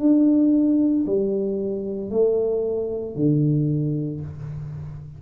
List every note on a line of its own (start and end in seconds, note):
0.00 1.05 D4
1.07 2.11 G3
2.11 3.16 A3
3.16 4.21 D3